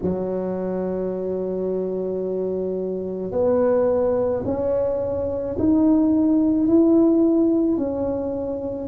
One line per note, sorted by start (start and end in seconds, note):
0.02 3.31 F#3
3.31 4.42 B3
4.45 5.56 C#4
5.59 6.67 D#4
6.67 7.77 E4
7.77 8.87 C#4